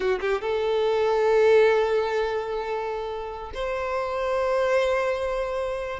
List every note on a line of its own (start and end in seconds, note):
0.00 0.19 F#4
0.20 0.41 G4
0.41 3.51 A4
3.54 5.99 C5